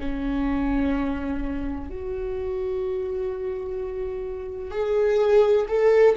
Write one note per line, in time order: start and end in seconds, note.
0.00 1.90 C#4
1.90 4.71 F#4
4.71 5.67 G#4
5.69 6.16 A4